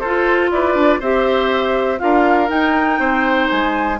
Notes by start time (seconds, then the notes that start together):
0.00 F4 A4 C5
0.51 E4 B4 D5
0.75 D4
1.00 C4 G4 C5 E5
1.98 D4 F4 A#4 F5
2.48 D#4 G5
2.99 C4 C5
3.50 G#3 G#5